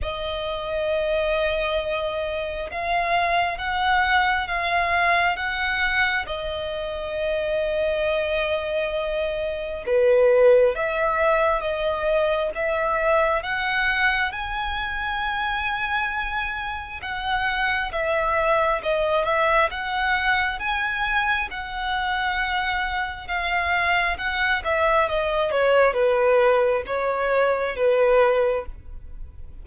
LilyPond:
\new Staff \with { instrumentName = "violin" } { \time 4/4 \tempo 4 = 67 dis''2. f''4 | fis''4 f''4 fis''4 dis''4~ | dis''2. b'4 | e''4 dis''4 e''4 fis''4 |
gis''2. fis''4 | e''4 dis''8 e''8 fis''4 gis''4 | fis''2 f''4 fis''8 e''8 | dis''8 cis''8 b'4 cis''4 b'4 | }